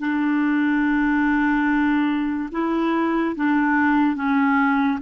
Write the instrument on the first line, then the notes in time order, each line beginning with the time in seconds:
clarinet
0.00 D4
2.52 E4
3.36 D4
4.16 C#4